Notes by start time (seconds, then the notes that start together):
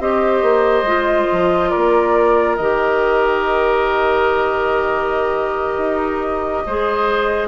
0.00 C4 G4 C5 D#5
0.42 A#3
0.83 G#3 F4
1.32 F3
1.70 A#3 A#4 D5
2.56 D#3 G4 D#5
5.77 D#4
6.67 G#3 G#4 C5